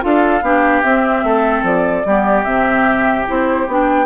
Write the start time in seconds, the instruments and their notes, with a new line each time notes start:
0.00 bassoon D4, clarinet F4, oboe A4, flute F5
0.42 bassoon B3, clarinet D4, oboe G4
0.82 bassoon C4, clarinet C4, flute E5
1.23 bassoon A3, oboe A4
1.62 bassoon F3, flute D5
2.05 bassoon G3, clarinet B3, oboe G4
2.44 bassoon C3, clarinet C4, flute E5
3.26 bassoon C4, clarinet E4, flute C5
3.67 bassoon B3, clarinet D4, flute G5